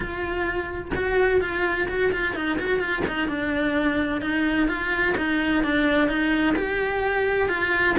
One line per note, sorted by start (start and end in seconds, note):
0.00 0.91 F4
0.95 1.40 F#4
1.40 1.87 F4
1.88 2.11 F#4
2.11 2.35 F4
2.35 2.58 D#4
2.59 2.79 F#4
2.79 3.03 F4
3.07 3.28 D#4
3.28 4.21 D4
4.21 4.68 D#4
4.68 5.15 F4
5.17 5.63 D#4
5.63 6.08 D4
6.08 6.55 D#4
6.56 7.49 G4
7.49 7.95 F4